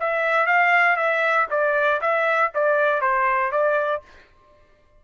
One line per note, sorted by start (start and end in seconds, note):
0.00 0.46 E5
0.46 0.96 F5
0.96 1.47 E5
1.50 2.01 D5
2.01 2.51 E5
2.54 3.01 D5
3.01 3.51 C5
3.51 4.02 D5